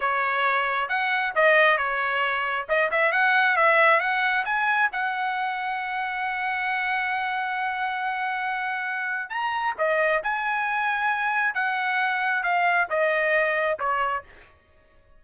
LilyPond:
\new Staff \with { instrumentName = "trumpet" } { \time 4/4 \tempo 4 = 135 cis''2 fis''4 dis''4 | cis''2 dis''8 e''8 fis''4 | e''4 fis''4 gis''4 fis''4~ | fis''1~ |
fis''1~ | fis''4 ais''4 dis''4 gis''4~ | gis''2 fis''2 | f''4 dis''2 cis''4 | }